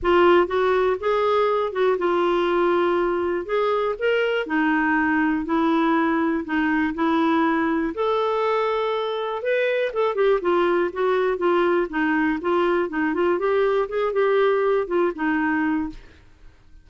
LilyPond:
\new Staff \with { instrumentName = "clarinet" } { \time 4/4 \tempo 4 = 121 f'4 fis'4 gis'4. fis'8 | f'2. gis'4 | ais'4 dis'2 e'4~ | e'4 dis'4 e'2 |
a'2. b'4 | a'8 g'8 f'4 fis'4 f'4 | dis'4 f'4 dis'8 f'8 g'4 | gis'8 g'4. f'8 dis'4. | }